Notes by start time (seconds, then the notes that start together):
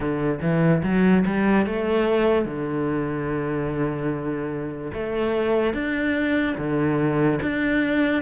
0.00 D3
0.41 E3
0.83 F#3
1.26 G3
1.66 A3
2.45 D3
4.93 A3
5.73 D4
6.57 D3
7.42 D4